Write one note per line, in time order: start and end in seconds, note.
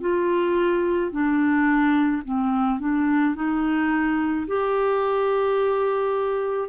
0.00 1.11 F4
1.11 2.22 D4
2.24 2.79 C4
2.79 3.35 D4
3.35 4.46 D#4
4.46 6.69 G4